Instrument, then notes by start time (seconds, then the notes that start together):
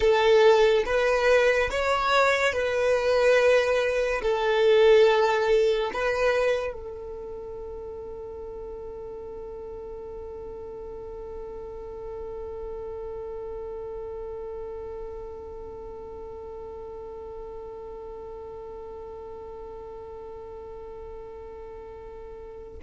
violin
0.00 A4
0.85 B4
1.70 C#5
2.52 B4
4.22 A4
5.93 B4
6.73 A4